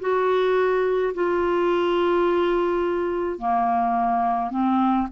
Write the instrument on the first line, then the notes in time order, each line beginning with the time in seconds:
clarinet
0.00 F#4
1.14 F4
3.39 A#3
4.51 C4